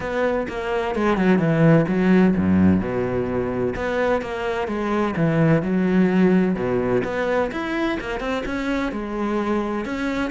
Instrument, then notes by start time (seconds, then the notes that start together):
cello
0.00 B3
0.48 A#3
0.95 G#3
1.17 F#3
1.38 E3
1.87 F#3
2.37 F#2
2.80 B2
3.75 B3
4.21 A#3
4.67 G#3
5.16 E3
5.62 F#3
6.55 B2
7.04 B3
7.51 E4
8.00 A#3
8.19 C4
8.45 C#4
8.92 G#3
9.85 C#4